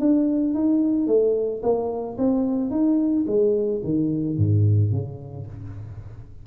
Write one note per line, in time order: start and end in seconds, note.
0.00 0.54 D4
0.54 1.07 D#4
1.07 1.62 A3
1.63 2.17 A#3
2.18 2.70 C4
2.70 3.25 D#4
3.27 3.82 G#3
3.84 4.38 D#3
4.38 4.92 G#2
4.92 5.46 C#3